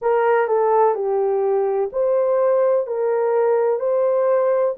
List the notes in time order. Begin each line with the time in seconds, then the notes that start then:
0.01 A#4
0.47 A4
0.94 G4
1.92 C5
2.86 A#4
3.79 C5